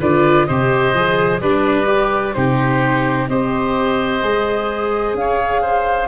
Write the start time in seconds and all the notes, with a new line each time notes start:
0.00 D3 F4 B4 D5
0.45 C3 G4 C5 D#5
0.94 F3 G#4
1.40 G3 D4 B4 D5
1.85 G4
2.33 C3 D#4 G4 C5
3.28 C4 G4 C5 D#5
4.22 G#3 G#4
5.14 C#4 C#5 F5
5.62 C5